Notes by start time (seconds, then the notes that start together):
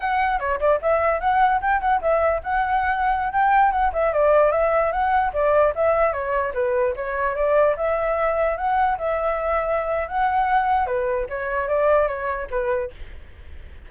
0.00 F#5
0.39 C#5
0.59 D5
0.81 E5
1.20 F#5
1.61 G5
1.80 F#5
2.01 E5
2.43 F#5
3.32 G5
3.71 F#5
3.93 E5
4.13 D5
4.51 E5
4.91 F#5
5.33 D5
5.75 E5
6.12 C#5
6.54 B4
6.96 C#5
7.35 D5
7.76 E5
8.57 F#5
8.97 E5
10.08 F#5
10.86 B4
11.29 C#5
11.68 D5
12.07 C#5
12.50 B4